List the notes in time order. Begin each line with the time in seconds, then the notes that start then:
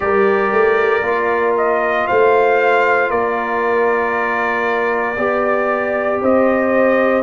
0.00 G3 G4 A#4 D5
0.52 A3
1.02 A#3 F4
1.57 D#5
2.07 A3 C5 F5
3.10 A#3 A#4 D5
5.17 B3 G4 D5
6.21 C4 C5 D#5